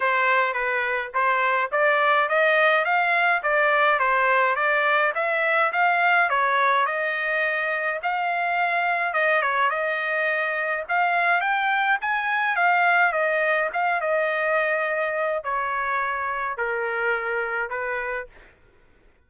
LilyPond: \new Staff \with { instrumentName = "trumpet" } { \time 4/4 \tempo 4 = 105 c''4 b'4 c''4 d''4 | dis''4 f''4 d''4 c''4 | d''4 e''4 f''4 cis''4 | dis''2 f''2 |
dis''8 cis''8 dis''2 f''4 | g''4 gis''4 f''4 dis''4 | f''8 dis''2~ dis''8 cis''4~ | cis''4 ais'2 b'4 | }